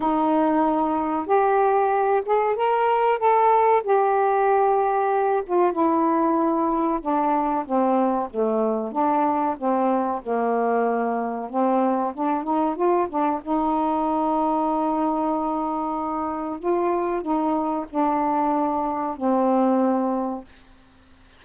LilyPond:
\new Staff \with { instrumentName = "saxophone" } { \time 4/4 \tempo 4 = 94 dis'2 g'4. gis'8 | ais'4 a'4 g'2~ | g'8 f'8 e'2 d'4 | c'4 a4 d'4 c'4 |
ais2 c'4 d'8 dis'8 | f'8 d'8 dis'2.~ | dis'2 f'4 dis'4 | d'2 c'2 | }